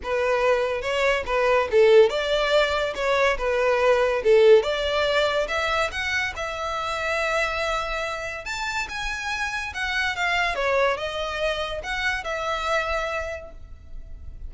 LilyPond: \new Staff \with { instrumentName = "violin" } { \time 4/4 \tempo 4 = 142 b'2 cis''4 b'4 | a'4 d''2 cis''4 | b'2 a'4 d''4~ | d''4 e''4 fis''4 e''4~ |
e''1 | a''4 gis''2 fis''4 | f''4 cis''4 dis''2 | fis''4 e''2. | }